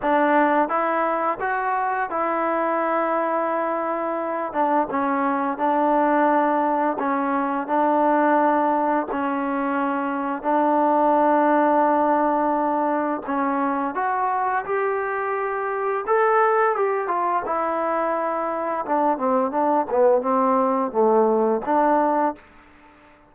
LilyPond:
\new Staff \with { instrumentName = "trombone" } { \time 4/4 \tempo 4 = 86 d'4 e'4 fis'4 e'4~ | e'2~ e'8 d'8 cis'4 | d'2 cis'4 d'4~ | d'4 cis'2 d'4~ |
d'2. cis'4 | fis'4 g'2 a'4 | g'8 f'8 e'2 d'8 c'8 | d'8 b8 c'4 a4 d'4 | }